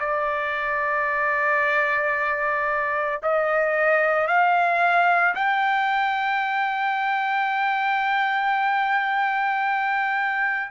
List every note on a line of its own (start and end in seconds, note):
0.00 3.21 D5
3.23 4.28 D#5
4.28 5.35 F5
5.35 10.71 G5